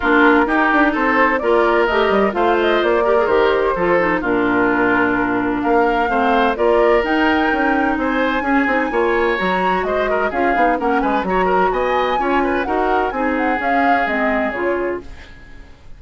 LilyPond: <<
  \new Staff \with { instrumentName = "flute" } { \time 4/4 \tempo 4 = 128 ais'2 c''4 d''4 | dis''4 f''8 dis''8 d''4 c''4~ | c''4 ais'2. | f''2 d''4 g''4~ |
g''4 gis''2. | ais''4 dis''4 f''4 fis''8 gis''8 | ais''4 gis''2 fis''4 | gis''8 fis''8 f''4 dis''4 cis''4 | }
  \new Staff \with { instrumentName = "oboe" } { \time 4/4 f'4 g'4 a'4 ais'4~ | ais'4 c''4. ais'4. | a'4 f'2. | ais'4 c''4 ais'2~ |
ais'4 c''4 gis'4 cis''4~ | cis''4 c''8 ais'8 gis'4 ais'8 b'8 | cis''8 ais'8 dis''4 cis''8 b'8 ais'4 | gis'1 | }
  \new Staff \with { instrumentName = "clarinet" } { \time 4/4 d'4 dis'2 f'4 | g'4 f'4. g'16 gis'16 g'4 | f'8 dis'8 d'2.~ | d'4 c'4 f'4 dis'4~ |
dis'2 cis'8 dis'8 f'4 | fis'2 f'8 dis'8 cis'4 | fis'2 f'4 fis'4 | dis'4 cis'4 c'4 f'4 | }
  \new Staff \with { instrumentName = "bassoon" } { \time 4/4 ais4 dis'8 d'8 c'4 ais4 | a8 g8 a4 ais4 dis4 | f4 ais,2. | ais4 a4 ais4 dis'4 |
cis'4 c'4 cis'8 c'8 ais4 | fis4 gis4 cis'8 b8 ais8 gis8 | fis4 b4 cis'4 dis'4 | c'4 cis'4 gis4 cis4 | }
>>